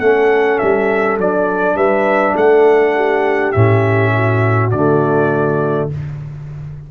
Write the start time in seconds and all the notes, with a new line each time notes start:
0.00 A3 C#4 A4 F#5
0.59 G3 E5
1.18 F#3 D4 D5
1.75 G3 B4 E5
2.36 A3 A4 F#5
2.96 G4
3.52 A2 C#4 E5
4.14 F#4
4.71 D3 A3 D5